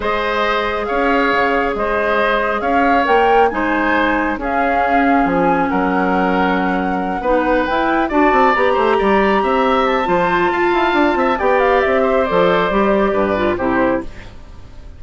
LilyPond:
<<
  \new Staff \with { instrumentName = "flute" } { \time 4/4 \tempo 4 = 137 dis''2 f''2 | dis''2 f''4 g''4 | gis''2 f''2 | gis''4 fis''2.~ |
fis''4. g''4 a''4 ais''8~ | ais''2~ ais''8 a''4.~ | a''2 g''8 f''8 e''4 | d''2. c''4 | }
  \new Staff \with { instrumentName = "oboe" } { \time 4/4 c''2 cis''2 | c''2 cis''2 | c''2 gis'2~ | gis'4 ais'2.~ |
ais'8 b'2 d''4. | c''8 d''4 e''4. c''4 | f''4. e''8 d''4. c''8~ | c''2 b'4 g'4 | }
  \new Staff \with { instrumentName = "clarinet" } { \time 4/4 gis'1~ | gis'2. ais'4 | dis'2 cis'2~ | cis'1~ |
cis'8 dis'4 e'4 fis'4 g'8~ | g'2. f'4~ | f'2 g'2 | a'4 g'4. f'8 e'4 | }
  \new Staff \with { instrumentName = "bassoon" } { \time 4/4 gis2 cis'4 cis4 | gis2 cis'4 ais4 | gis2 cis'2 | f4 fis2.~ |
fis8 b4 e'4 d'8 c'8 b8 | a8 g4 c'4. f4 | f'8 e'8 d'8 c'8 b4 c'4 | f4 g4 g,4 c4 | }
>>